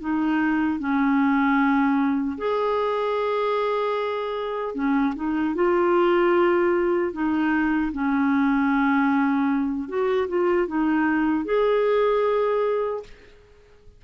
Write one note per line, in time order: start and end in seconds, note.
0.00 0.79 D#4
0.79 2.37 C#4
2.38 4.74 G#4
4.74 5.14 C#4
5.15 5.54 D#4
5.54 7.12 F4
7.12 7.91 D#4
7.92 9.88 C#4
9.88 10.27 F#4
10.28 10.67 F4
10.67 11.45 D#4
11.45 13.03 G#4